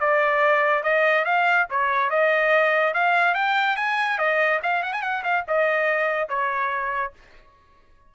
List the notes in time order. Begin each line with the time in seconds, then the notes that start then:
0.00 D5
0.83 D#5
1.25 F5
1.70 C#5
2.10 D#5
2.94 F5
3.34 G5
3.76 G#5
4.18 D#5
4.63 F5
4.83 F#5
4.93 G#5
5.02 F#5
5.24 F5
5.48 D#5
6.29 C#5